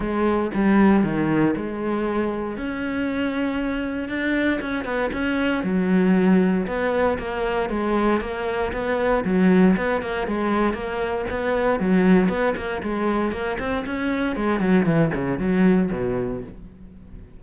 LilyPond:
\new Staff \with { instrumentName = "cello" } { \time 4/4 \tempo 4 = 117 gis4 g4 dis4 gis4~ | gis4 cis'2. | d'4 cis'8 b8 cis'4 fis4~ | fis4 b4 ais4 gis4 |
ais4 b4 fis4 b8 ais8 | gis4 ais4 b4 fis4 | b8 ais8 gis4 ais8 c'8 cis'4 | gis8 fis8 e8 cis8 fis4 b,4 | }